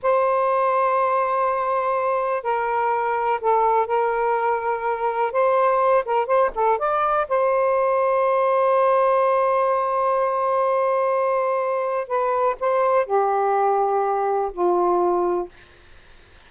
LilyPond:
\new Staff \with { instrumentName = "saxophone" } { \time 4/4 \tempo 4 = 124 c''1~ | c''4 ais'2 a'4 | ais'2. c''4~ | c''8 ais'8 c''8 a'8 d''4 c''4~ |
c''1~ | c''1~ | c''4 b'4 c''4 g'4~ | g'2 f'2 | }